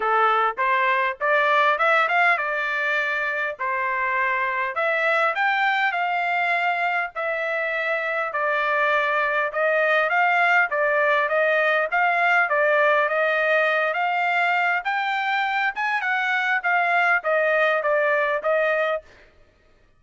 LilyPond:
\new Staff \with { instrumentName = "trumpet" } { \time 4/4 \tempo 4 = 101 a'4 c''4 d''4 e''8 f''8 | d''2 c''2 | e''4 g''4 f''2 | e''2 d''2 |
dis''4 f''4 d''4 dis''4 | f''4 d''4 dis''4. f''8~ | f''4 g''4. gis''8 fis''4 | f''4 dis''4 d''4 dis''4 | }